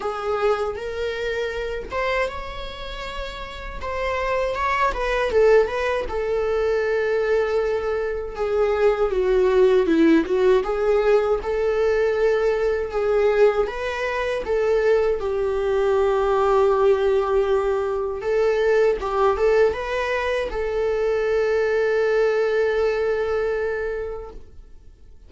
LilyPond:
\new Staff \with { instrumentName = "viola" } { \time 4/4 \tempo 4 = 79 gis'4 ais'4. c''8 cis''4~ | cis''4 c''4 cis''8 b'8 a'8 b'8 | a'2. gis'4 | fis'4 e'8 fis'8 gis'4 a'4~ |
a'4 gis'4 b'4 a'4 | g'1 | a'4 g'8 a'8 b'4 a'4~ | a'1 | }